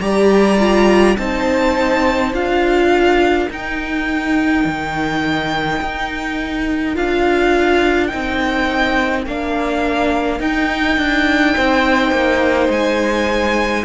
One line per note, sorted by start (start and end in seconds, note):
0.00 1.16 G3
0.00 0.58 G4
0.00 1.18 D5
0.00 1.16 A#5
0.59 1.17 F4
1.17 2.32 C4
1.17 2.34 D#4
1.17 2.91 C5
1.17 2.32 A5
2.32 3.48 D4
2.32 3.49 F4
2.32 3.50 F5
2.91 11.54 A#4
3.50 4.64 D#4
3.50 6.94 D#4
3.50 6.96 G5
4.64 5.80 D#3
5.81 6.96 D#4
6.94 8.12 D4
6.94 8.09 F4
6.94 8.07 F5
8.07 9.25 C4
8.07 9.25 D#4
8.07 9.22 G5
9.25 10.39 A#3
9.25 10.40 D4
9.25 10.41 F5
10.39 10.97 D#4
10.39 13.84 D#4
10.39 12.71 G5
10.97 11.55 D4
11.54 12.11 C4
11.54 13.84 C5
12.11 12.69 A#3
12.69 13.84 G#3
12.69 13.84 G#5